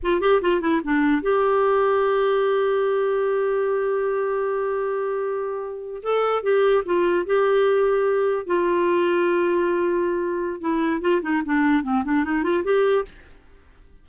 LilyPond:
\new Staff \with { instrumentName = "clarinet" } { \time 4/4 \tempo 4 = 147 f'8 g'8 f'8 e'8 d'4 g'4~ | g'1~ | g'1~ | g'2~ g'8. a'4 g'16~ |
g'8. f'4 g'2~ g'16~ | g'8. f'2.~ f'16~ | f'2 e'4 f'8 dis'8 | d'4 c'8 d'8 dis'8 f'8 g'4 | }